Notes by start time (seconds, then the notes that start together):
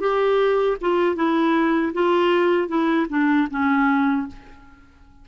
0.00 G4
0.81 F4
1.15 E4
1.93 F4
2.68 E4
3.09 D4
3.50 C#4